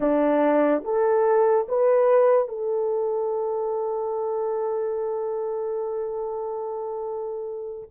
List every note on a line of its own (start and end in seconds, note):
0.00 0.83 D4
0.84 1.67 A4
1.68 2.48 B4
2.48 7.90 A4